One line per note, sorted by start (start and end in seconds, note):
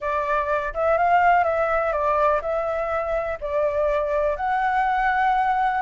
0.00 0.73 D5
0.74 0.97 E5
0.97 1.44 F5
1.44 1.92 E5
1.92 2.40 D5
2.41 3.38 E5
3.40 4.36 D5
4.36 5.81 F#5